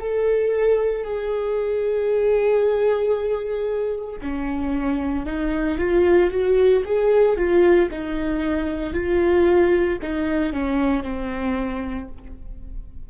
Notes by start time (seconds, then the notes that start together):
0.00 A4
1.04 G#4
4.22 C#4
5.25 D#4
5.78 F4
6.31 F#4
6.85 G#4
7.36 F4
7.90 D#4
8.93 F4
10.01 D#4
10.52 C#4
11.03 C4